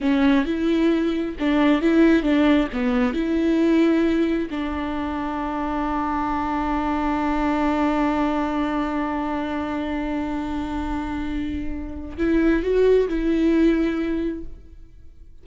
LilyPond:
\new Staff \with { instrumentName = "viola" } { \time 4/4 \tempo 4 = 133 cis'4 e'2 d'4 | e'4 d'4 b4 e'4~ | e'2 d'2~ | d'1~ |
d'1~ | d'1~ | d'2. e'4 | fis'4 e'2. | }